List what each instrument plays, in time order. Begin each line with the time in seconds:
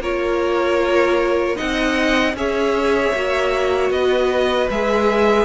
0.00 cello A#3, viola F4, violin A#4 C#5
1.56 cello C4, viola D#4, violin D#5 F#5
2.34 cello C#4, viola G#4, violin C#5 E5
3.14 cello A#3, viola F#4
3.91 cello B3, violin B4 D#5
4.70 cello G#3, viola G#4, violin E5